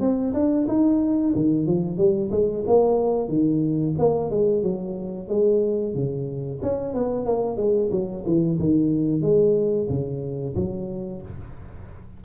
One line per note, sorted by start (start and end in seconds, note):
0.00 0.33 C4
0.34 0.67 D4
0.68 1.34 D#4
1.35 1.67 D#3
1.67 1.98 F3
1.98 2.30 G3
2.31 2.64 G#3
2.67 3.28 A#3
3.28 3.94 D#3
3.99 4.30 A#3
4.30 4.63 G#3
4.63 5.28 F#3
5.28 5.94 G#3
5.95 6.61 C#3
6.63 6.94 C#4
6.94 7.26 B3
7.26 7.57 A#3
7.57 7.90 G#3
7.92 8.24 F#3
8.26 8.59 E3
8.60 9.22 D#3
9.22 9.88 G#3
9.90 10.56 C#3
10.56 11.22 F#3